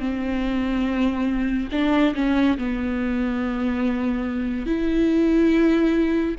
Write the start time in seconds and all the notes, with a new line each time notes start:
0.00 C4
1.72 D4
2.15 C#4
2.58 B3
4.67 E4